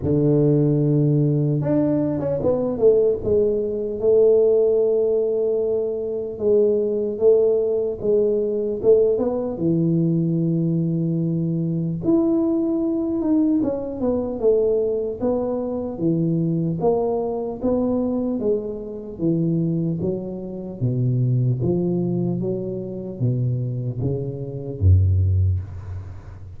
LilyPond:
\new Staff \with { instrumentName = "tuba" } { \time 4/4 \tempo 4 = 75 d2 d'8. cis'16 b8 a8 | gis4 a2. | gis4 a4 gis4 a8 b8 | e2. e'4~ |
e'8 dis'8 cis'8 b8 a4 b4 | e4 ais4 b4 gis4 | e4 fis4 b,4 f4 | fis4 b,4 cis4 fis,4 | }